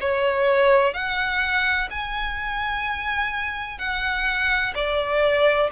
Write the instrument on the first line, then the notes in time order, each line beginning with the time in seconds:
violin
0.00 C#5
0.93 F#5
1.90 G#5
3.78 F#5
4.74 D5